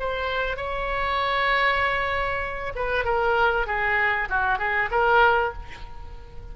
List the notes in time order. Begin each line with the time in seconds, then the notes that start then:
0.00 C5
0.57 C#5
2.76 B4
3.05 A#4
3.67 G#4
4.30 F#4
4.59 G#4
4.91 A#4